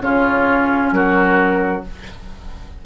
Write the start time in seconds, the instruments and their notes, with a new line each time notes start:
0.00 bassoon C#3, clarinet C#4, oboe F4, flute C#5
0.92 bassoon F#3, oboe F#4, flute A#4